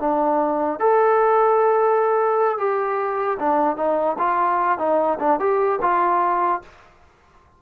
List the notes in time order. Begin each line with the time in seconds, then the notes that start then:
0.00 D4
0.80 A4
2.58 G4
3.40 D4
3.77 D#4
4.19 F4
4.79 D#4
5.20 D4
5.40 G4
5.82 F4